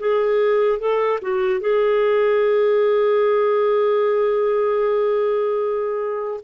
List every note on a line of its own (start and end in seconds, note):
0.00 0.80 G#4
0.80 1.20 A4
1.22 1.61 F#4
1.61 6.41 G#4